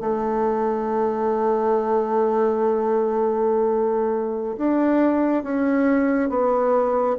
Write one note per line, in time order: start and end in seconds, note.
0.00 4.57 A3
4.57 5.43 D4
5.43 6.29 C#4
6.29 7.16 B3